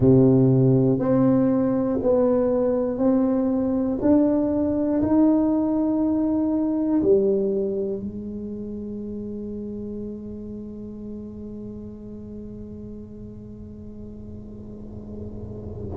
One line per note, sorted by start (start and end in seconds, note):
0.00 0.99 C3
0.99 1.99 C4
2.02 2.97 B3
2.97 3.98 C4
4.01 5.01 D4
5.02 7.02 D#4
7.02 8.00 G3
8.00 15.97 G#3